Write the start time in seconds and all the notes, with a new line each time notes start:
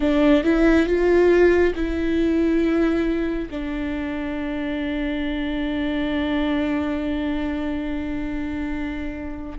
0.00 D4
0.43 E4
0.86 F4
1.75 E4
3.50 D4